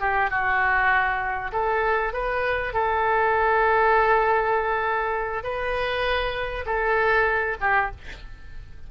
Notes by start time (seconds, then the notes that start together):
0.00 G4
0.30 F#4
1.52 A4
2.13 B4
2.74 A4
5.44 B4
6.66 A4
7.60 G4